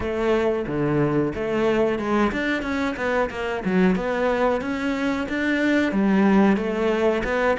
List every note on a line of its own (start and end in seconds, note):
0.00 0.65 A3
0.67 1.32 D3
1.34 1.98 A3
1.98 2.31 G#3
2.32 2.62 D4
2.62 2.95 C#4
2.96 3.29 B3
3.30 3.63 A#3
3.64 3.95 F#3
3.95 4.61 B3
4.61 5.27 C#4
5.29 5.92 D4
5.92 6.57 G3
6.57 7.23 A3
7.23 7.56 B3